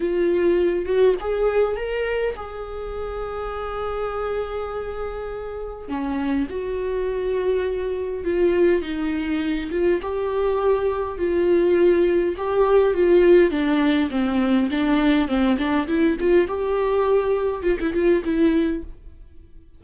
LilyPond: \new Staff \with { instrumentName = "viola" } { \time 4/4 \tempo 4 = 102 f'4. fis'8 gis'4 ais'4 | gis'1~ | gis'2 cis'4 fis'4~ | fis'2 f'4 dis'4~ |
dis'8 f'8 g'2 f'4~ | f'4 g'4 f'4 d'4 | c'4 d'4 c'8 d'8 e'8 f'8 | g'2 f'16 e'16 f'8 e'4 | }